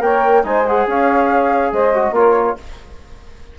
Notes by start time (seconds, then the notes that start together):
0.00 A#3 A#4 C#5 G5
0.43 G#3 D#4 C5 G#5
0.66 G#4 F#5
0.86 C#4 C#5 F5
1.72 G#3 C5 D#5
1.94 F#4
2.11 A#3 F4 A#4 C#5